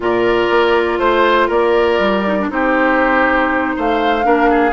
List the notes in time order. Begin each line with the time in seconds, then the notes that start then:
0.00 A#2 F4 A#4 D5
0.49 A#3
0.98 A3 C5
1.47 A#3 A#4 D5
1.99 G3
2.25 D#4
2.38 D4
2.49 C4 D#4 G4 C5
3.76 A3 C5 F5
4.22 A#3 D4 A#4
4.50 G#4